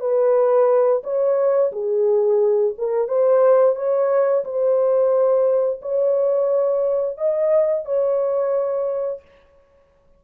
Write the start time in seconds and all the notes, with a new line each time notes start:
0.00 B4
1.04 C#5
1.72 G#4
2.78 A#4
3.08 C5
3.76 C#5
4.44 C5
5.81 C#5
7.18 D#5
7.85 C#5